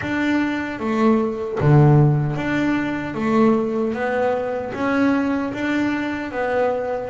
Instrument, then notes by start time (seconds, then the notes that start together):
double bass
0.01 D4
0.79 A3
1.60 D3
2.36 D4
3.14 A3
3.93 B3
4.74 C#4
5.53 D4
6.31 B3